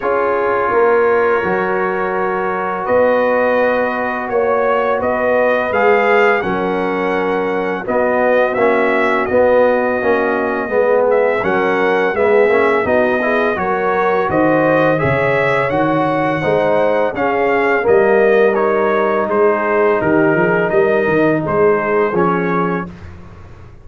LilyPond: <<
  \new Staff \with { instrumentName = "trumpet" } { \time 4/4 \tempo 4 = 84 cis''1 | dis''2 cis''4 dis''4 | f''4 fis''2 dis''4 | e''4 dis''2~ dis''8 e''8 |
fis''4 e''4 dis''4 cis''4 | dis''4 e''4 fis''2 | f''4 dis''4 cis''4 c''4 | ais'4 dis''4 c''4 cis''4 | }
  \new Staff \with { instrumentName = "horn" } { \time 4/4 gis'4 ais'2. | b'2 cis''4 b'4~ | b'4 ais'2 fis'4~ | fis'2. gis'4 |
ais'4 gis'4 fis'8 gis'8 ais'4 | c''4 cis''2 c''4 | gis'4 ais'2 gis'4 | g'8 gis'8 ais'4 gis'2 | }
  \new Staff \with { instrumentName = "trombone" } { \time 4/4 f'2 fis'2~ | fis'1 | gis'4 cis'2 b4 | cis'4 b4 cis'4 b4 |
cis'4 b8 cis'8 dis'8 e'8 fis'4~ | fis'4 gis'4 fis'4 dis'4 | cis'4 ais4 dis'2~ | dis'2. cis'4 | }
  \new Staff \with { instrumentName = "tuba" } { \time 4/4 cis'4 ais4 fis2 | b2 ais4 b4 | gis4 fis2 b4 | ais4 b4 ais4 gis4 |
fis4 gis8 ais8 b4 fis4 | dis4 cis4 dis4 gis4 | cis'4 g2 gis4 | dis8 f8 g8 dis8 gis4 f4 | }
>>